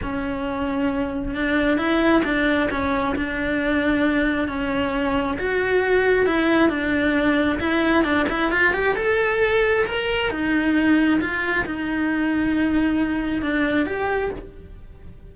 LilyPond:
\new Staff \with { instrumentName = "cello" } { \time 4/4 \tempo 4 = 134 cis'2. d'4 | e'4 d'4 cis'4 d'4~ | d'2 cis'2 | fis'2 e'4 d'4~ |
d'4 e'4 d'8 e'8 f'8 g'8 | a'2 ais'4 dis'4~ | dis'4 f'4 dis'2~ | dis'2 d'4 g'4 | }